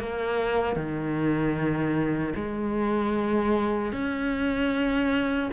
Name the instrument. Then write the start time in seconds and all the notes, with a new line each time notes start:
cello
0.00 A#3
0.76 D#3
2.36 G#3
3.93 C#4